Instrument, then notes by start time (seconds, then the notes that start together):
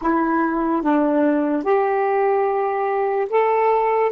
saxophone
0.01 E4
0.82 D4
1.63 G4
3.29 A4